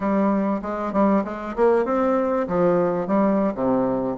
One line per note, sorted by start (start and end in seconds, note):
0.00 0.61 G3
0.62 0.92 G#3
0.92 1.23 G3
1.24 1.55 G#3
1.55 1.85 A#3
1.85 2.47 C4
2.47 3.07 F3
3.07 3.53 G3
3.54 4.16 C3